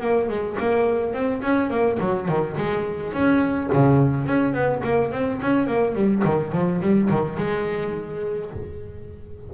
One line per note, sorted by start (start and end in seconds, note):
0.00 0.28 A#3
0.28 0.56 G#3
0.59 1.13 A#3
1.13 1.41 C4
1.42 1.70 C#4
1.70 1.98 A#3
1.99 2.28 F#3
2.28 2.56 D#3
2.57 3.13 G#3
3.13 3.69 C#4
3.72 4.26 C#3
4.26 4.53 C#4
4.53 4.82 B3
4.83 5.11 A#3
5.11 5.40 C4
5.41 5.67 C#4
5.67 5.94 A#3
5.94 6.23 G3
6.24 6.52 D#3
6.52 6.80 F3
6.81 7.09 G3
7.09 7.37 D#3
7.37 8.50 G#3